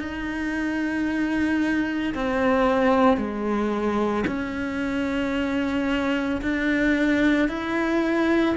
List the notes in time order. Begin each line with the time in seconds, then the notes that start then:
0.00 D#4
2.15 C4
3.18 G#3
4.27 C#4
6.42 D4
7.49 E4